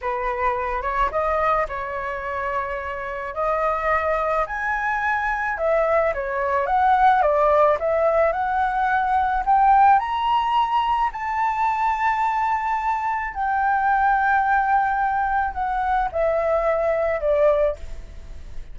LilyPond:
\new Staff \with { instrumentName = "flute" } { \time 4/4 \tempo 4 = 108 b'4. cis''8 dis''4 cis''4~ | cis''2 dis''2 | gis''2 e''4 cis''4 | fis''4 d''4 e''4 fis''4~ |
fis''4 g''4 ais''2 | a''1 | g''1 | fis''4 e''2 d''4 | }